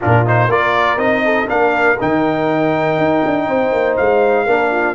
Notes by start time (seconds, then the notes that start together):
0.00 A#2 D4 F4 A#4
0.26 D#4 C5
0.48 A#3 F4 A#4 D5
0.97 C4 D#4 D#5
1.24 A4
1.47 A#3 D4 A#4 F5
2.00 D#3 D#4 G5
2.98 D#4
3.25 D4
3.46 C4 C5
3.72 A#3
3.96 G#3 F5
4.45 A#3 D4 A#4
4.71 F4